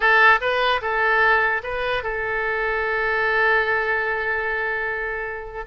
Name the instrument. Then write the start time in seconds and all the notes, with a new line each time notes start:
oboe
0.00 A4
0.40 B4
0.81 A4
1.63 B4
2.03 A4